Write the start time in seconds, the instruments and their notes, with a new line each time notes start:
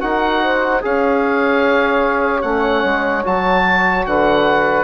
0.00 bassoon D#4, trombone F#4, saxophone A#4, oboe F#5
0.42 saxophone C5
0.81 bassoon C#4, trombone G#4, saxophone C#5, oboe F5
2.41 bassoon A3, trombone C#4, oboe F#5
2.83 bassoon G#3
3.24 bassoon F#3, trombone F#4, oboe A5
4.06 bassoon D3, saxophone B4, oboe F#5